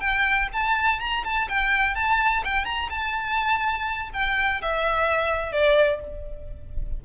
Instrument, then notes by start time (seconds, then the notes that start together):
violin
0.00 G5
0.53 A5
1.00 A#5
1.24 A5
1.49 G5
1.95 A5
2.44 G5
2.65 A#5
2.90 A5
4.13 G5
4.62 E5
5.52 D5